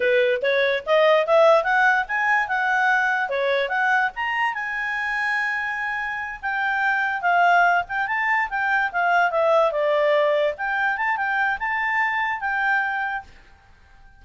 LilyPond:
\new Staff \with { instrumentName = "clarinet" } { \time 4/4 \tempo 4 = 145 b'4 cis''4 dis''4 e''4 | fis''4 gis''4 fis''2 | cis''4 fis''4 ais''4 gis''4~ | gis''2.~ gis''8 g''8~ |
g''4. f''4. g''8 a''8~ | a''8 g''4 f''4 e''4 d''8~ | d''4. g''4 a''8 g''4 | a''2 g''2 | }